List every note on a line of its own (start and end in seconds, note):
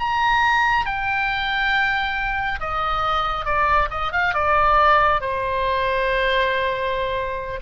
0.00 0.86 A#5
0.86 2.60 G5
2.60 3.45 D#5
3.45 3.89 D5
3.91 4.12 D#5
4.12 4.34 F5
4.34 5.21 D5
5.21 7.60 C5